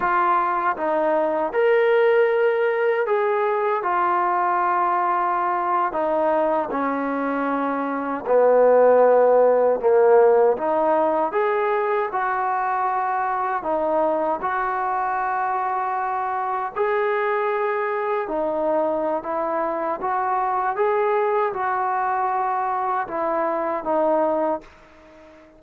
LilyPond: \new Staff \with { instrumentName = "trombone" } { \time 4/4 \tempo 4 = 78 f'4 dis'4 ais'2 | gis'4 f'2~ f'8. dis'16~ | dis'8. cis'2 b4~ b16~ | b8. ais4 dis'4 gis'4 fis'16~ |
fis'4.~ fis'16 dis'4 fis'4~ fis'16~ | fis'4.~ fis'16 gis'2 dis'16~ | dis'4 e'4 fis'4 gis'4 | fis'2 e'4 dis'4 | }